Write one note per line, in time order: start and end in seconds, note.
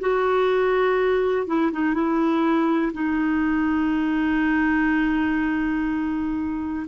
0.00 1.46 F#4
1.46 1.71 E4
1.72 1.94 D#4
1.94 2.92 E4
2.93 6.86 D#4